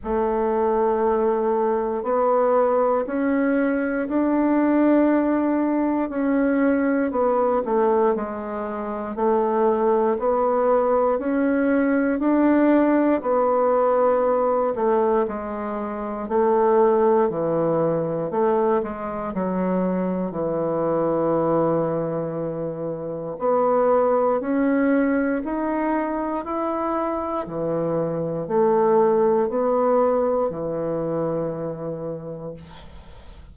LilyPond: \new Staff \with { instrumentName = "bassoon" } { \time 4/4 \tempo 4 = 59 a2 b4 cis'4 | d'2 cis'4 b8 a8 | gis4 a4 b4 cis'4 | d'4 b4. a8 gis4 |
a4 e4 a8 gis8 fis4 | e2. b4 | cis'4 dis'4 e'4 e4 | a4 b4 e2 | }